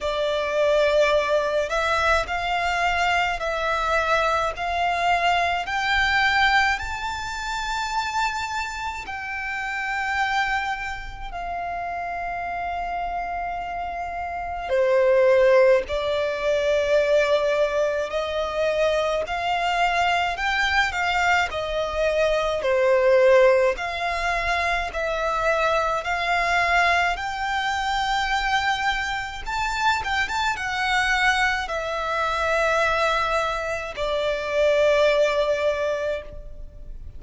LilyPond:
\new Staff \with { instrumentName = "violin" } { \time 4/4 \tempo 4 = 53 d''4. e''8 f''4 e''4 | f''4 g''4 a''2 | g''2 f''2~ | f''4 c''4 d''2 |
dis''4 f''4 g''8 f''8 dis''4 | c''4 f''4 e''4 f''4 | g''2 a''8 g''16 a''16 fis''4 | e''2 d''2 | }